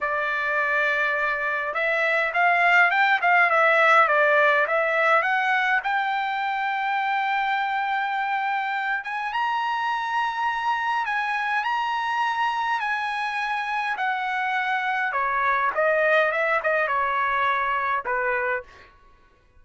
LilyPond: \new Staff \with { instrumentName = "trumpet" } { \time 4/4 \tempo 4 = 103 d''2. e''4 | f''4 g''8 f''8 e''4 d''4 | e''4 fis''4 g''2~ | g''2.~ g''8 gis''8 |
ais''2. gis''4 | ais''2 gis''2 | fis''2 cis''4 dis''4 | e''8 dis''8 cis''2 b'4 | }